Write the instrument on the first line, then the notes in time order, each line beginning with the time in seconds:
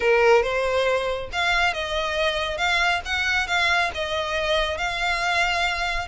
violin
0.00 A#4
0.42 C5
1.32 F5
1.73 D#5
2.57 F5
3.05 F#5
3.47 F5
3.94 D#5
4.77 F5